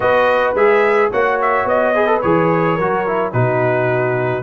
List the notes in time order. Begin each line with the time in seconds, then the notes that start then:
0.00 B3 F#4 B4 D#5
0.54 G#3 G#4 E5
1.11 A#3 F#4 C#5 F#5
1.41 E5
1.64 B3 D#5
1.94 G#4 B4
2.06 A4
2.21 E3 G#4 C#5
2.75 F#3 F#4 A#4
3.06 E4
3.32 B2 D#4 F#4 B4